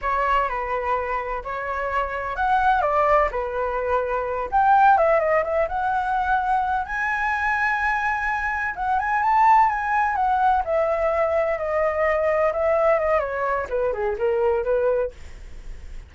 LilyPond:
\new Staff \with { instrumentName = "flute" } { \time 4/4 \tempo 4 = 127 cis''4 b'2 cis''4~ | cis''4 fis''4 d''4 b'4~ | b'4. g''4 e''8 dis''8 e''8 | fis''2~ fis''8 gis''4.~ |
gis''2~ gis''8 fis''8 gis''8 a''8~ | a''8 gis''4 fis''4 e''4.~ | e''8 dis''2 e''4 dis''8 | cis''4 b'8 gis'8 ais'4 b'4 | }